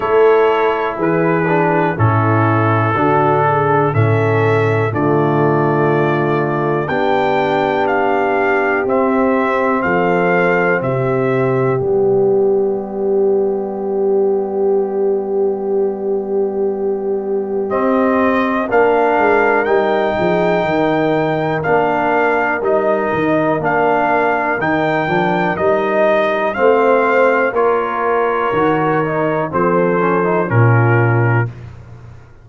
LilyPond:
<<
  \new Staff \with { instrumentName = "trumpet" } { \time 4/4 \tempo 4 = 61 cis''4 b'4 a'2 | e''4 d''2 g''4 | f''4 e''4 f''4 e''4 | d''1~ |
d''2 dis''4 f''4 | g''2 f''4 dis''4 | f''4 g''4 dis''4 f''4 | cis''2 c''4 ais'4 | }
  \new Staff \with { instrumentName = "horn" } { \time 4/4 a'4 gis'4 e'4 fis'8 gis'8 | a'4 f'2 g'4~ | g'2 a'4 g'4~ | g'1~ |
g'2. ais'4~ | ais'8 gis'8 ais'2.~ | ais'2. c''4 | ais'2 a'4 f'4 | }
  \new Staff \with { instrumentName = "trombone" } { \time 4/4 e'4. d'8 cis'4 d'4 | cis'4 a2 d'4~ | d'4 c'2. | b1~ |
b2 c'4 d'4 | dis'2 d'4 dis'4 | d'4 dis'8 d'8 dis'4 c'4 | f'4 fis'8 dis'8 c'8 cis'16 dis'16 cis'4 | }
  \new Staff \with { instrumentName = "tuba" } { \time 4/4 a4 e4 a,4 d4 | a,4 d2 b4~ | b4 c'4 f4 c4 | g1~ |
g2 c'4 ais8 gis8 | g8 f8 dis4 ais4 g8 dis8 | ais4 dis8 f8 g4 a4 | ais4 dis4 f4 ais,4 | }
>>